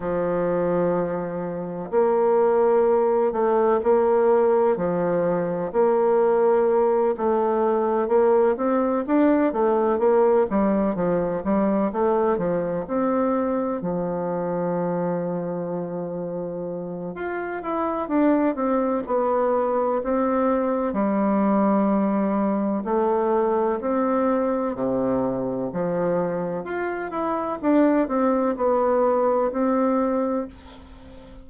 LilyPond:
\new Staff \with { instrumentName = "bassoon" } { \time 4/4 \tempo 4 = 63 f2 ais4. a8 | ais4 f4 ais4. a8~ | a8 ais8 c'8 d'8 a8 ais8 g8 f8 | g8 a8 f8 c'4 f4.~ |
f2 f'8 e'8 d'8 c'8 | b4 c'4 g2 | a4 c'4 c4 f4 | f'8 e'8 d'8 c'8 b4 c'4 | }